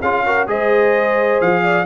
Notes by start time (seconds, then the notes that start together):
0.00 C#4 F4 G#4 F5
0.26 F#4 A#4
0.47 G#3 G#4 C5 D#5
1.41 F3 F5
1.63 D5